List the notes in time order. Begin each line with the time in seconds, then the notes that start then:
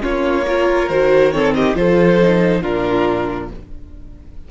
0.00 A#3 C#4 F4 C#5
0.47 F4 A#4
0.89 D#3 F#4 C5
1.32 C4 A4 C#5
1.54 G4 D#5
1.75 F3 F4 A4 C5
2.22 D#4
2.62 A#2 D4 F4 A#4